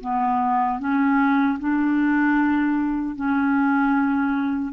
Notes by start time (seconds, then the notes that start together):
0.00 B3
0.79 C#4
1.59 D4
3.15 C#4